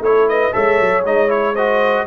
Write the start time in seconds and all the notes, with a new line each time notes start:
0.00 A3 E4 A4 C#5
0.28 B4 D#5
0.51 G#3 A4 C#5 E5
0.79 F#3
1.04 G#3 D#4 D#5
1.28 E4 C#5
1.53 F#4 C5 D#5